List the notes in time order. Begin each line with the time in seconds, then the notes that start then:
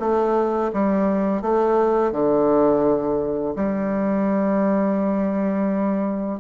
0.00 A3
0.73 G3
1.42 A3
2.12 D3
3.56 G3